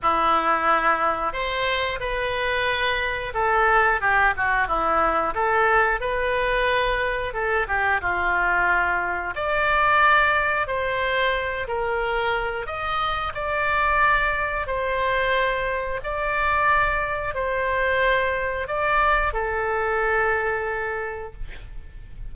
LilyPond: \new Staff \with { instrumentName = "oboe" } { \time 4/4 \tempo 4 = 90 e'2 c''4 b'4~ | b'4 a'4 g'8 fis'8 e'4 | a'4 b'2 a'8 g'8 | f'2 d''2 |
c''4. ais'4. dis''4 | d''2 c''2 | d''2 c''2 | d''4 a'2. | }